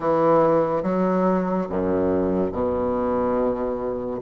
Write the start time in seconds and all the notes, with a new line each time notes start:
0.00 E3
0.83 F#3
1.69 F#2
2.52 B2